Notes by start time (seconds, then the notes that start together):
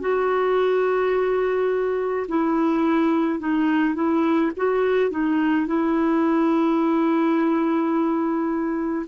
0.00 F#4
2.28 E4
3.39 D#4
3.94 E4
4.56 F#4
5.10 D#4
5.67 E4